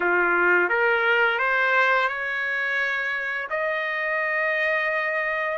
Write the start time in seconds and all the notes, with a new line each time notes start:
0.00 F4
0.69 A#4
1.38 C5
2.08 C#5
3.49 D#5